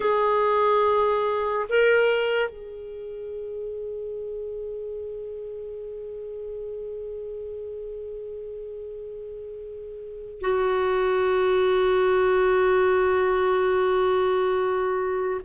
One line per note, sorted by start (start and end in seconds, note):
0.00 1.67 G#4
1.69 2.49 A#4
2.49 10.40 G#4
10.40 15.40 F#4